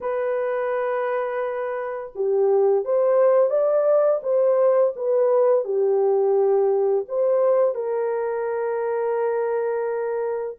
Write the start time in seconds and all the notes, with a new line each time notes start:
0.01 B4
2.15 G4
2.85 C5
3.50 D5
4.23 C5
4.95 B4
5.64 G4
7.08 C5
7.75 A#4